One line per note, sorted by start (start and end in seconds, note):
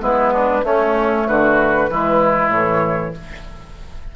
0.00 0.63 G#3
0.00 0.62 B3
0.00 0.34 E4
0.00 0.66 B4
0.34 0.65 D4
0.64 1.89 A3
0.64 1.27 A3
0.64 1.28 C#4
0.64 1.28 C#5
1.28 1.90 D3
1.28 1.90 F#4
1.28 2.51 B4
1.90 2.49 E3
1.90 2.53 G#3
1.90 3.16 E4
2.49 3.11 A2
2.49 3.16 E3
2.49 3.14 C#5